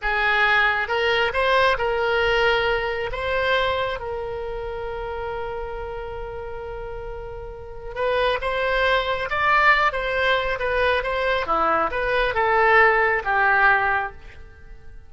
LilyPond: \new Staff \with { instrumentName = "oboe" } { \time 4/4 \tempo 4 = 136 gis'2 ais'4 c''4 | ais'2. c''4~ | c''4 ais'2.~ | ais'1~ |
ais'2 b'4 c''4~ | c''4 d''4. c''4. | b'4 c''4 e'4 b'4 | a'2 g'2 | }